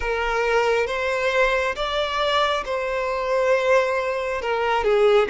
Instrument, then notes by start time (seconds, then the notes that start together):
violin
0.00 A#4
0.87 C5
1.75 D5
2.65 C5
4.41 A#4
4.84 G#4